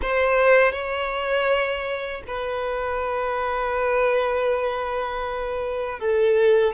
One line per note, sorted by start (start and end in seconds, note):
0.02 0.72 C5
0.72 2.22 C#5
2.27 5.99 B4
5.99 6.73 A4